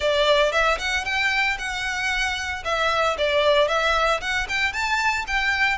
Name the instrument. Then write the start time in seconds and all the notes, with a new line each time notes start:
violin
0.00 D5
0.51 E5
0.78 F#5
1.04 G5
1.58 F#5
2.64 E5
3.18 D5
3.67 E5
4.20 F#5
4.49 G5
4.72 A5
5.27 G5